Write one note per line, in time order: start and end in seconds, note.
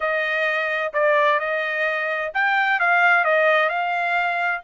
0.00 0.93 D#5
0.93 1.39 D5
1.39 2.31 D#5
2.33 2.79 G5
2.79 3.24 F5
3.24 3.69 D#5
3.69 4.61 F5